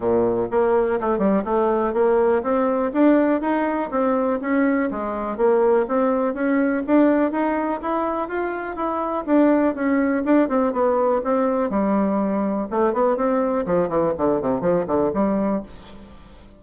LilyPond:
\new Staff \with { instrumentName = "bassoon" } { \time 4/4 \tempo 4 = 123 ais,4 ais4 a8 g8 a4 | ais4 c'4 d'4 dis'4 | c'4 cis'4 gis4 ais4 | c'4 cis'4 d'4 dis'4 |
e'4 f'4 e'4 d'4 | cis'4 d'8 c'8 b4 c'4 | g2 a8 b8 c'4 | f8 e8 d8 c8 f8 d8 g4 | }